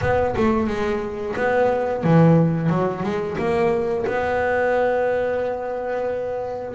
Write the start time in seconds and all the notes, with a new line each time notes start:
0.01 B3
0.36 A3
0.67 G#3
1.36 B3
2.03 E3
2.69 F#3
3.03 G#3
3.38 A#3
4.06 B3